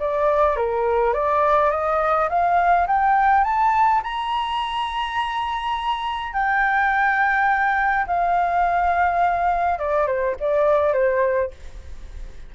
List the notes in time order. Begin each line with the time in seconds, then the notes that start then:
0.00 D5
0.57 A#4
1.14 D5
1.71 D#5
2.29 F5
2.87 G5
3.44 A5
4.03 A#5
6.33 G5
8.07 F5
9.79 D5
10.07 C5
10.40 D5
10.94 C5